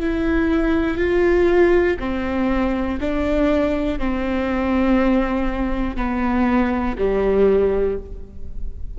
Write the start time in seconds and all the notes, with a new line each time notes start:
0.00 E4
0.97 F4
1.99 C4
3.01 D4
3.99 C4
5.97 B3
6.98 G3